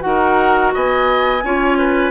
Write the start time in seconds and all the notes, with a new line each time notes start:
0.00 D#4 F#4 F#5
0.07 A#4
0.74 B3 D#5 G#5
1.43 C#4 F4 C#5
1.78 B4